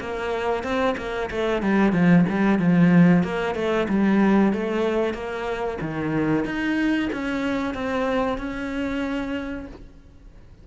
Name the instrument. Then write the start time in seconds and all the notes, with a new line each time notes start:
cello
0.00 A#3
0.63 C4
0.97 A#3
1.30 A3
1.62 G3
1.92 F3
2.29 G3
2.59 F3
3.23 A#3
3.55 A3
3.89 G3
4.53 A3
5.13 A#3
5.81 D#3
6.45 D#4
7.12 C#4
7.74 C4
8.38 C#4